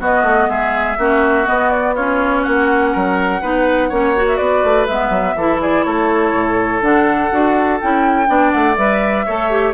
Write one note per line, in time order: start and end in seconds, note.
0.00 0.98 B3
0.00 0.23 B3
0.00 0.49 F#4
0.00 0.50 D#5
0.23 0.47 A3
0.49 0.98 G#3
0.49 0.98 G#4
0.49 1.47 E5
0.98 1.47 A#3
0.98 1.46 C#4
0.98 1.95 F#4
1.46 1.95 B3
1.46 2.46 B3
1.46 1.71 D#5
1.71 1.95 D5
1.95 3.43 C#4
1.95 2.42 F4
1.95 2.44 C#5
2.42 2.95 A#3
2.42 2.91 F#4
2.42 4.27 F#5
2.93 3.42 F#3
2.93 3.41 A#4
3.42 3.91 B3
3.42 3.92 D#4
3.42 3.89 B4
3.89 4.40 A#3
3.89 4.16 C#4
3.89 4.38 C#5
4.16 4.89 F#4
4.28 4.37 E5
4.37 4.64 B3
4.37 5.36 B4
4.37 4.86 D5
4.64 4.89 A3
4.87 5.10 G#3
4.87 5.39 B3
4.87 5.60 E5
5.10 5.34 F#3
5.36 5.84 E3
5.36 6.82 E4
5.36 5.61 A4
5.61 5.86 G#4
5.61 5.84 D5
5.84 6.33 A3
5.84 8.29 A4
5.84 6.82 C#5
6.33 6.82 A2
6.82 7.31 D3
6.82 7.31 D4
6.82 7.80 F#5
7.32 7.81 D4
7.32 7.80 F#4
7.81 8.28 C#4
7.81 8.27 E4
7.81 8.52 G5
8.27 8.53 B3
8.27 8.76 D4
8.27 9.26 D5
8.52 8.77 A3
8.52 8.76 F#5
8.77 9.26 G3
8.77 9.27 B4
8.77 9.74 E5
9.26 9.74 A3
9.26 9.51 A4
9.26 9.74 C#5
9.51 9.74 G4